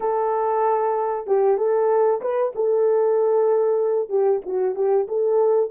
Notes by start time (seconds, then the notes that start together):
0.00 A4
1.26 G4
1.57 A4
2.21 B4
2.55 A4
4.09 G4
4.45 F#4
4.75 G4
5.08 A4